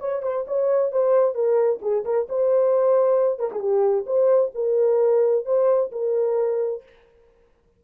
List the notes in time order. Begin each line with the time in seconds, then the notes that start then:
0.00 C#5
0.23 C5
0.48 C#5
0.92 C5
1.35 A#4
1.82 G#4
2.05 A#4
2.29 C5
3.39 A#4
3.52 G#4
3.60 G4
4.06 C5
4.55 A#4
5.45 C5
5.92 A#4